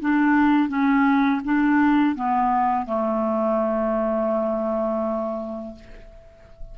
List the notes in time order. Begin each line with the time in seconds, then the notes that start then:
0.00 D4
0.68 C#4
1.44 D4
2.15 B3
2.86 A3